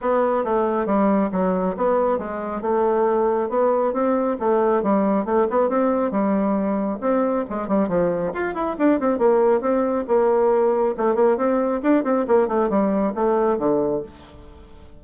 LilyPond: \new Staff \with { instrumentName = "bassoon" } { \time 4/4 \tempo 4 = 137 b4 a4 g4 fis4 | b4 gis4 a2 | b4 c'4 a4 g4 | a8 b8 c'4 g2 |
c'4 gis8 g8 f4 f'8 e'8 | d'8 c'8 ais4 c'4 ais4~ | ais4 a8 ais8 c'4 d'8 c'8 | ais8 a8 g4 a4 d4 | }